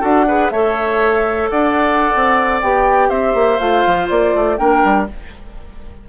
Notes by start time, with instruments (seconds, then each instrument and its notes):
0.00 bassoon D4, clarinet F#4, oboe A4, flute F#5
0.27 clarinet G#4, oboe B4
0.50 bassoon A3, clarinet A4, oboe C#5, flute E5
1.49 bassoon D4, oboe D5, flute F#5
2.15 bassoon C4
2.61 bassoon B3, clarinet G4, flute G5
3.09 bassoon C4, oboe C5, flute E5
3.34 bassoon A#3
3.58 bassoon A3, clarinet F4, flute F5
3.85 bassoon F3
4.09 bassoon A#3, flute D5
4.35 bassoon A3
4.57 bassoon A#3, clarinet D4, oboe A#4, flute G5
4.84 bassoon G3